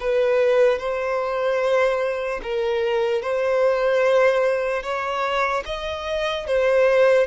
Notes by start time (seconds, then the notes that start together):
0.00 B4
0.79 C5
2.43 A#4
3.22 C5
4.83 C#5
5.66 D#5
6.47 C5